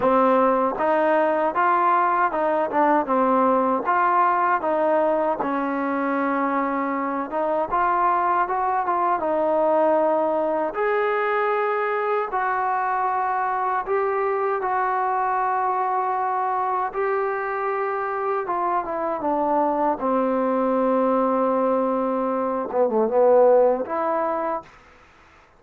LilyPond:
\new Staff \with { instrumentName = "trombone" } { \time 4/4 \tempo 4 = 78 c'4 dis'4 f'4 dis'8 d'8 | c'4 f'4 dis'4 cis'4~ | cis'4. dis'8 f'4 fis'8 f'8 | dis'2 gis'2 |
fis'2 g'4 fis'4~ | fis'2 g'2 | f'8 e'8 d'4 c'2~ | c'4. b16 a16 b4 e'4 | }